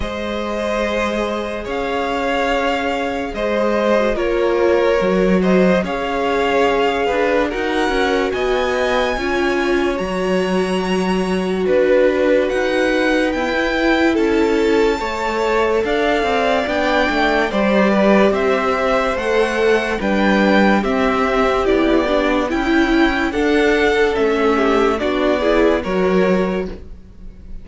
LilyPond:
<<
  \new Staff \with { instrumentName = "violin" } { \time 4/4 \tempo 4 = 72 dis''2 f''2 | dis''4 cis''4. dis''8 f''4~ | f''4 fis''4 gis''2 | ais''2 b'4 fis''4 |
g''4 a''2 f''4 | g''4 d''4 e''4 fis''4 | g''4 e''4 d''4 g''4 | fis''4 e''4 d''4 cis''4 | }
  \new Staff \with { instrumentName = "violin" } { \time 4/4 c''2 cis''2 | c''4 ais'4. c''8 cis''4~ | cis''8 b'8 ais'4 dis''4 cis''4~ | cis''2 b'2~ |
b'4 a'4 cis''4 d''4~ | d''4 c''8 b'8 c''2 | b'4 g'2 e'4 | a'4. g'8 fis'8 gis'8 ais'4 | }
  \new Staff \with { instrumentName = "viola" } { \time 4/4 gis'1~ | gis'8. fis'16 f'4 fis'4 gis'4~ | gis'4 fis'2 f'4 | fis'1 |
b16 e'4.~ e'16 a'2 | d'4 g'2 a'4 | d'4 c'4 e8 d'8 e'4 | d'4 cis'4 d'8 e'8 fis'4 | }
  \new Staff \with { instrumentName = "cello" } { \time 4/4 gis2 cis'2 | gis4 ais4 fis4 cis'4~ | cis'8 d'8 dis'8 cis'8 b4 cis'4 | fis2 d'4 dis'4 |
e'4 cis'4 a4 d'8 c'8 | b8 a8 g4 c'4 a4 | g4 c'4 b4 cis'4 | d'4 a4 b4 fis4 | }
>>